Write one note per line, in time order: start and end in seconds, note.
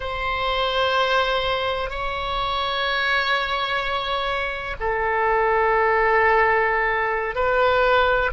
0.00 1.90 C5
1.90 4.75 C#5
4.80 7.35 A4
7.35 8.30 B4